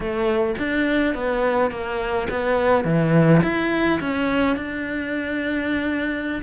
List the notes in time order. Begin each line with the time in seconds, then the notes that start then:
0.00 A3
0.58 D4
1.14 B3
1.70 A#3
2.30 B3
2.84 E3
3.42 E4
4.00 C#4
4.56 D4